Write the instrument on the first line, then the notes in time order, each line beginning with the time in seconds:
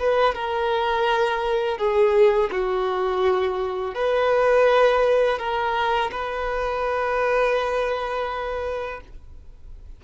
violin
0.00 B4
0.35 A#4
1.78 G#4
2.52 F#4
3.95 B4
5.39 A#4
6.12 B4